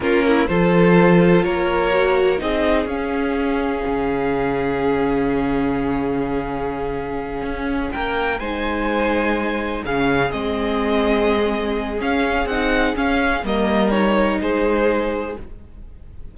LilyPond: <<
  \new Staff \with { instrumentName = "violin" } { \time 4/4 \tempo 4 = 125 ais'4 c''2 cis''4~ | cis''4 dis''4 f''2~ | f''1~ | f''1~ |
f''8 g''4 gis''2~ gis''8~ | gis''8 f''4 dis''2~ dis''8~ | dis''4 f''4 fis''4 f''4 | dis''4 cis''4 c''2 | }
  \new Staff \with { instrumentName = "violin" } { \time 4/4 f'8 e'8 a'2 ais'4~ | ais'4 gis'2.~ | gis'1~ | gis'1~ |
gis'8 ais'4 c''2~ c''8~ | c''8 gis'2.~ gis'8~ | gis'1 | ais'2 gis'2 | }
  \new Staff \with { instrumentName = "viola" } { \time 4/4 cis'4 f'2. | fis'4 dis'4 cis'2~ | cis'1~ | cis'1~ |
cis'4. dis'2~ dis'8~ | dis'8 cis'4 c'2~ c'8~ | c'4 cis'4 dis'4 cis'4 | ais4 dis'2. | }
  \new Staff \with { instrumentName = "cello" } { \time 4/4 ais4 f2 ais4~ | ais4 c'4 cis'2 | cis1~ | cis2.~ cis8 cis'8~ |
cis'8 ais4 gis2~ gis8~ | gis8 cis4 gis2~ gis8~ | gis4 cis'4 c'4 cis'4 | g2 gis2 | }
>>